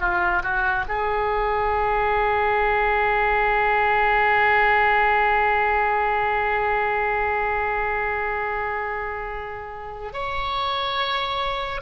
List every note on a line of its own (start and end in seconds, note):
0.00 0.42 F4
0.43 0.85 F#4
0.88 10.13 G#4
10.13 11.82 C#5